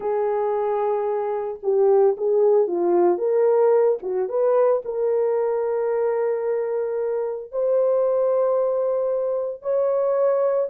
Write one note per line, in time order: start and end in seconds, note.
0.00 1.59 G#4
1.62 2.16 G4
2.17 2.67 G#4
2.67 3.18 F4
3.18 3.98 A#4
4.02 4.28 F#4
4.28 4.82 B4
4.84 7.51 A#4
7.51 9.62 C5
9.62 10.69 C#5